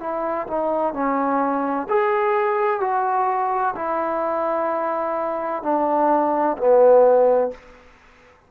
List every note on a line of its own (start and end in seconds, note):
0.00 0.47 E4
0.47 0.94 D#4
0.94 1.87 C#4
1.89 2.80 G#4
2.80 3.74 F#4
3.76 5.63 E4
5.63 6.57 D4
6.58 7.51 B3